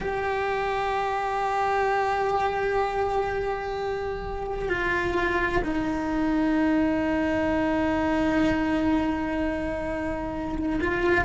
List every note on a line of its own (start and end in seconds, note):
0.00 4.68 G4
4.68 5.62 F4
5.63 10.79 D#4
10.80 11.24 F4